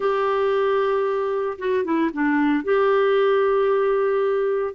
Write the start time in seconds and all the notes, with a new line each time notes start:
0.00 G4
1.58 F#4
1.84 E4
2.13 D4
2.63 G4